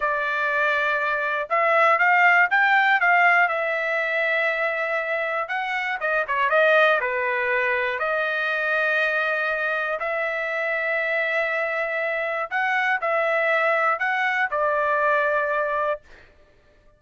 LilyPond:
\new Staff \with { instrumentName = "trumpet" } { \time 4/4 \tempo 4 = 120 d''2. e''4 | f''4 g''4 f''4 e''4~ | e''2. fis''4 | dis''8 cis''8 dis''4 b'2 |
dis''1 | e''1~ | e''4 fis''4 e''2 | fis''4 d''2. | }